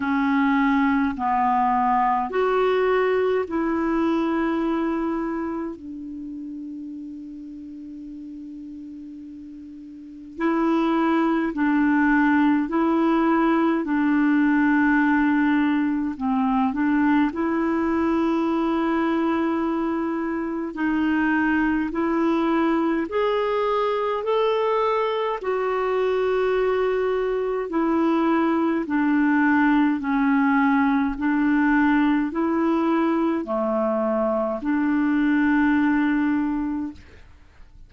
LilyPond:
\new Staff \with { instrumentName = "clarinet" } { \time 4/4 \tempo 4 = 52 cis'4 b4 fis'4 e'4~ | e'4 d'2.~ | d'4 e'4 d'4 e'4 | d'2 c'8 d'8 e'4~ |
e'2 dis'4 e'4 | gis'4 a'4 fis'2 | e'4 d'4 cis'4 d'4 | e'4 a4 d'2 | }